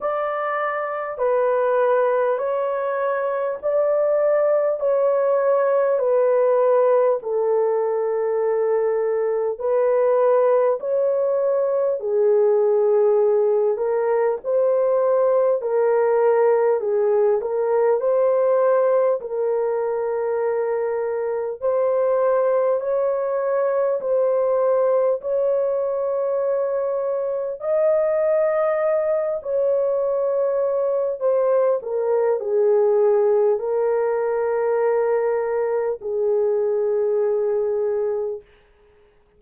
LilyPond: \new Staff \with { instrumentName = "horn" } { \time 4/4 \tempo 4 = 50 d''4 b'4 cis''4 d''4 | cis''4 b'4 a'2 | b'4 cis''4 gis'4. ais'8 | c''4 ais'4 gis'8 ais'8 c''4 |
ais'2 c''4 cis''4 | c''4 cis''2 dis''4~ | dis''8 cis''4. c''8 ais'8 gis'4 | ais'2 gis'2 | }